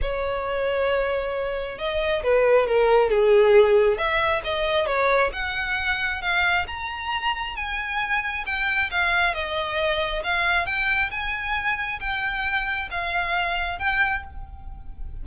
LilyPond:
\new Staff \with { instrumentName = "violin" } { \time 4/4 \tempo 4 = 135 cis''1 | dis''4 b'4 ais'4 gis'4~ | gis'4 e''4 dis''4 cis''4 | fis''2 f''4 ais''4~ |
ais''4 gis''2 g''4 | f''4 dis''2 f''4 | g''4 gis''2 g''4~ | g''4 f''2 g''4 | }